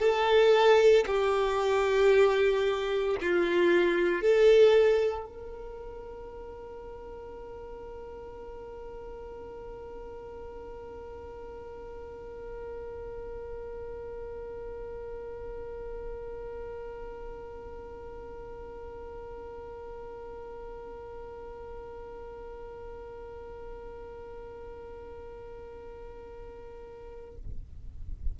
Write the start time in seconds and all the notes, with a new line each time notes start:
0.00 A4
1.07 G4
3.22 F4
4.22 A4
5.26 A#4